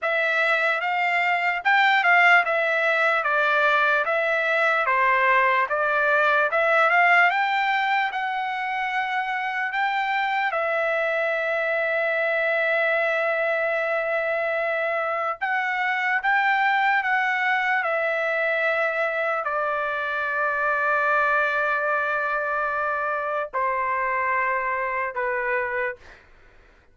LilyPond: \new Staff \with { instrumentName = "trumpet" } { \time 4/4 \tempo 4 = 74 e''4 f''4 g''8 f''8 e''4 | d''4 e''4 c''4 d''4 | e''8 f''8 g''4 fis''2 | g''4 e''2.~ |
e''2. fis''4 | g''4 fis''4 e''2 | d''1~ | d''4 c''2 b'4 | }